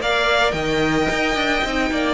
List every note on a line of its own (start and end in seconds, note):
0.00 0.54 A#3
0.00 1.65 A#4
0.00 0.55 D5
0.00 0.52 F5
0.52 1.08 D#3
0.52 1.90 D#5
0.52 2.14 G5
1.10 1.35 D#4
1.35 1.62 D4
1.65 1.91 C4
1.65 2.15 D#4
1.91 2.15 A#3
1.91 2.15 D5